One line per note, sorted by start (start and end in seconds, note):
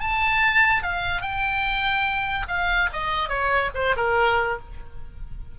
0.00 0.83 A5
0.83 1.22 F5
1.22 2.47 G5
2.48 2.90 F5
2.93 3.29 D#5
3.29 3.70 C#5
3.75 3.95 C5
3.96 4.59 A#4